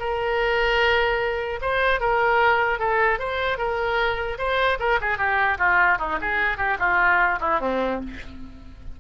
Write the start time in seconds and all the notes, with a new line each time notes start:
0.00 A#4
1.62 C5
2.01 A#4
2.79 A4
3.20 C5
3.58 A#4
4.39 C5
4.80 A#4
5.01 G#4
5.18 G4
5.59 F4
5.99 D#4
6.21 G#4
6.58 G4
6.79 F4
7.41 E4
7.61 C4